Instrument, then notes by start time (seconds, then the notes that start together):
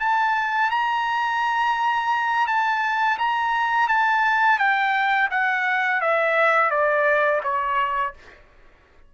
trumpet
0.00 A5
0.71 A#5
2.47 A5
3.18 A#5
3.89 A5
4.59 G5
5.31 F#5
6.01 E5
6.71 D5
7.43 C#5